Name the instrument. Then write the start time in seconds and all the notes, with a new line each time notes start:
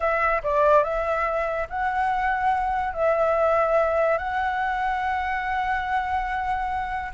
flute
0.00 E5
0.43 D5
0.83 E5
1.69 F#5
2.93 E5
4.17 F#5